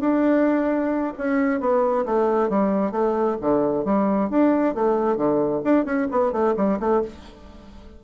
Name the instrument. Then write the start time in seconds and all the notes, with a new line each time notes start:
bassoon
0.00 D4
1.17 C#4
1.60 B3
2.05 A3
2.49 G3
2.91 A3
3.41 D3
3.84 G3
4.30 D4
4.75 A3
5.16 D3
5.64 D4
5.85 C#4
6.11 B3
6.32 A3
6.56 G3
6.79 A3